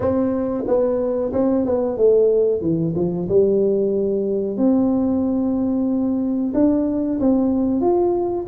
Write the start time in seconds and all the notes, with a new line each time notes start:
0.00 C4
0.67 B3
1.32 C4
1.65 B3
1.97 A3
2.61 E3
2.95 F3
3.28 G3
4.57 C4
6.54 D4
7.19 C4
7.81 F4